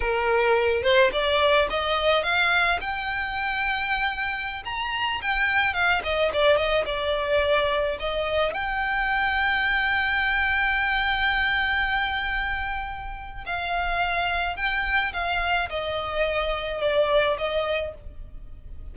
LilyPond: \new Staff \with { instrumentName = "violin" } { \time 4/4 \tempo 4 = 107 ais'4. c''8 d''4 dis''4 | f''4 g''2.~ | g''16 ais''4 g''4 f''8 dis''8 d''8 dis''16~ | dis''16 d''2 dis''4 g''8.~ |
g''1~ | g''1 | f''2 g''4 f''4 | dis''2 d''4 dis''4 | }